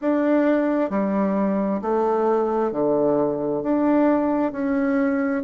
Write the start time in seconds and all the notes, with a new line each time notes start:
0.01 D4
0.90 G3
1.81 A3
2.71 D3
3.62 D4
4.52 C#4